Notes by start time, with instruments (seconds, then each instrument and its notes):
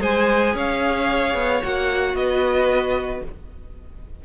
0.00 cello G#3, viola G#4, violin C5 G#5
0.54 cello C#4, violin C#5 F5
1.34 cello B3
1.63 cello A#3, viola F#4, violin F#5
2.15 cello B3, violin B4 D#5